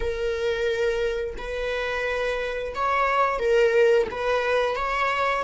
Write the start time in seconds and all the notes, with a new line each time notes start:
0.00 A#4
1.37 B4
2.75 C#5
3.39 A#4
4.11 B4
4.75 C#5